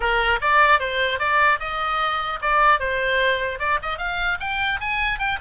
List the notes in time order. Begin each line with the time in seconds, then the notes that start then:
0.00 A#4
0.41 D5
0.79 C5
1.19 D5
1.59 D#5
2.41 D5
2.79 C5
3.59 D5
3.82 D#5
3.98 F5
4.39 G5
4.80 G#5
5.18 G5